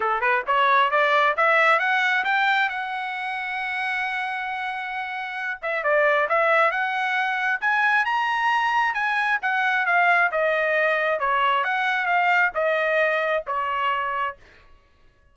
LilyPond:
\new Staff \with { instrumentName = "trumpet" } { \time 4/4 \tempo 4 = 134 a'8 b'8 cis''4 d''4 e''4 | fis''4 g''4 fis''2~ | fis''1~ | fis''8 e''8 d''4 e''4 fis''4~ |
fis''4 gis''4 ais''2 | gis''4 fis''4 f''4 dis''4~ | dis''4 cis''4 fis''4 f''4 | dis''2 cis''2 | }